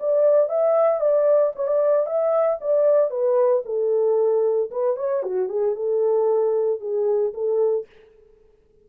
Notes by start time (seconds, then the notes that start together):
0.00 D5
0.50 E5
1.01 D5
1.56 C#5
1.67 D5
2.07 E5
2.61 D5
3.11 B4
3.66 A4
4.71 B4
4.97 C#5
5.23 F#4
5.49 G#4
5.76 A4
6.81 G#4
7.34 A4